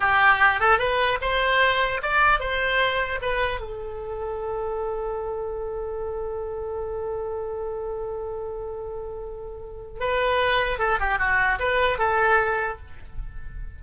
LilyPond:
\new Staff \with { instrumentName = "oboe" } { \time 4/4 \tempo 4 = 150 g'4. a'8 b'4 c''4~ | c''4 d''4 c''2 | b'4 a'2.~ | a'1~ |
a'1~ | a'1~ | a'4 b'2 a'8 g'8 | fis'4 b'4 a'2 | }